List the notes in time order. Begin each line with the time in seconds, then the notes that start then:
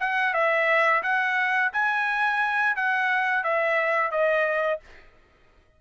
0.00 F#5
0.34 E5
1.03 F#5
1.73 G#5
2.76 F#5
3.44 E5
4.11 D#5